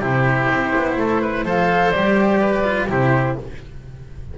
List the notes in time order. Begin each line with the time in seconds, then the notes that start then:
0.00 C3 E4 G4 C5
0.50 C4
0.76 B3
0.97 A3 A4
1.22 B4
1.45 F3 A4 C5 F5
1.91 G3 G4 D5
2.41 B4
2.65 F4
2.89 C3 E4 G4 C5